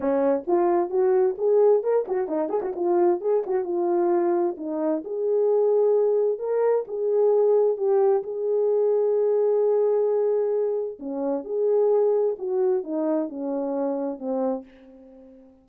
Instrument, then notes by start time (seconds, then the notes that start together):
horn
0.00 C#4
0.47 F4
0.90 F#4
1.37 G#4
1.83 A#4
2.08 F#4
2.28 D#4
2.49 G#4
2.61 F#4
2.75 F4
3.20 G#4
3.46 F#4
3.63 F4
4.57 D#4
5.04 G#4
6.39 A#4
6.87 G#4
7.77 G4
8.23 G#4
10.99 C#4
11.44 G#4
12.38 F#4
12.83 D#4
13.29 C#4
14.18 C4